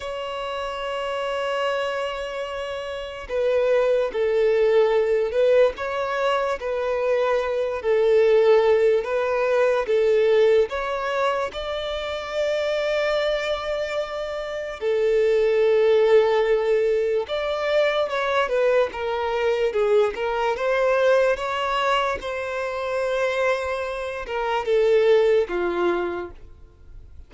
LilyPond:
\new Staff \with { instrumentName = "violin" } { \time 4/4 \tempo 4 = 73 cis''1 | b'4 a'4. b'8 cis''4 | b'4. a'4. b'4 | a'4 cis''4 d''2~ |
d''2 a'2~ | a'4 d''4 cis''8 b'8 ais'4 | gis'8 ais'8 c''4 cis''4 c''4~ | c''4. ais'8 a'4 f'4 | }